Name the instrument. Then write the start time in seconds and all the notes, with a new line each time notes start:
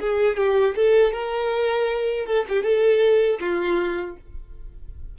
violin
0.00 G#4
0.37 G4
0.75 A4
1.12 A#4
2.26 A4
2.49 G4
2.63 A4
3.40 F4